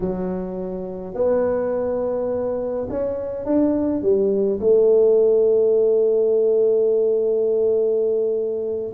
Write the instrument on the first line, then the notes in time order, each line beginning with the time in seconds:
tuba
0.00 F#3
1.14 B3
2.89 C#4
3.45 D4
4.01 G3
4.60 A3